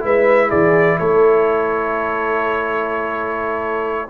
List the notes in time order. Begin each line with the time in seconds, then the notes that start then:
0.00 G#3 E4 B4 E5
0.49 E3 G#4 D5
0.99 A3 A4 C#5